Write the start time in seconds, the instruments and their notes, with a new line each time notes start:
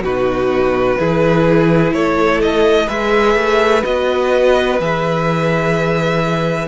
0.00 cello B2, violin F#4 B4
0.07 viola D#4
0.98 cello E3, viola E4, violin G#4
1.93 cello A3, violin A4 C#5
2.42 violin D#5
2.87 cello G#3, viola G#4, violin B4 E5
3.35 cello A3
3.83 cello B3, viola F#4, violin D#5
4.80 cello E3, viola G#4, violin E5